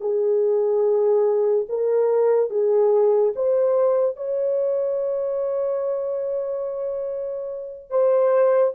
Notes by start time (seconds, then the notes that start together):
0.00 G#4
1.69 A#4
2.50 G#4
3.35 C5
4.16 C#5
7.90 C5